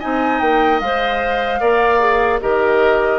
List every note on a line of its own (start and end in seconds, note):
0.00 0.41 C4
0.00 0.81 D#4
0.00 1.60 D#5
0.00 0.40 G#5
0.40 0.81 A#3
0.40 0.80 G5
0.81 1.61 G#3
0.81 1.61 C5
0.81 2.41 F5
1.60 2.41 A#3
1.60 2.00 A#4
1.60 2.40 D5
2.00 2.40 G#4
2.41 3.19 D#3
2.41 3.19 G4
2.41 3.19 A#4
2.41 3.19 D#5